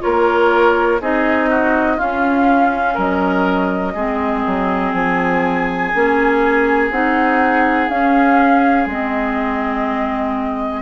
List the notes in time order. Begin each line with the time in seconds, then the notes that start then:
0.00 A#3 F4 A#4 C#5
1.00 C4 D#4 G#4 D#5
1.50 F#4
1.96 C#4 F4 F5
2.94 F#3 A#4 D#5
3.94 G#3 C4 G#4
4.46 F#3
4.92 F3 G#5
5.94 A#3 C#4
6.90 C4 D#4 F#5
7.89 C#4 F5
8.86 G#3 C4 D#5